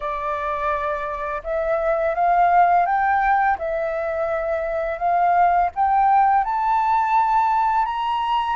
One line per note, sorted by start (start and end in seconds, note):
0.00 1.42 D5
1.43 2.14 E5
2.14 2.85 F5
2.85 3.57 G5
3.58 4.98 E5
4.98 5.69 F5
5.75 6.44 G5
6.44 7.85 A5
7.85 8.56 A#5